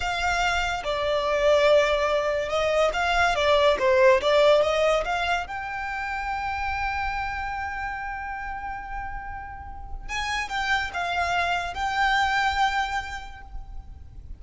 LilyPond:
\new Staff \with { instrumentName = "violin" } { \time 4/4 \tempo 4 = 143 f''2 d''2~ | d''2 dis''4 f''4 | d''4 c''4 d''4 dis''4 | f''4 g''2.~ |
g''1~ | g''1 | gis''4 g''4 f''2 | g''1 | }